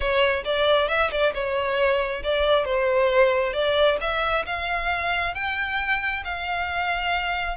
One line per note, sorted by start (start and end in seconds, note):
0.00 0.43 C#5
0.44 0.88 D5
0.88 1.10 E5
1.11 1.33 D5
1.34 2.22 C#5
2.23 2.64 D5
2.64 3.53 C5
3.53 3.97 D5
4.00 4.45 E5
4.46 5.34 F5
5.34 6.23 G5
6.24 7.57 F5